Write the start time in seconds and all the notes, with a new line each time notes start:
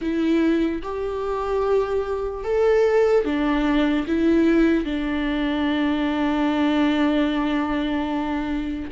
0.01 E4
0.82 G4
2.44 A4
3.24 D4
4.07 E4
4.84 D4